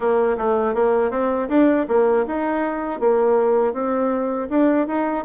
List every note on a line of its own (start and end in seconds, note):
0.00 0.36 A#3
0.38 0.74 A3
0.74 1.10 A#3
1.10 1.48 C4
1.48 1.86 D4
1.88 2.25 A#3
2.26 3.00 D#4
3.00 3.73 A#3
3.73 4.48 C4
4.49 4.87 D4
4.87 5.24 D#4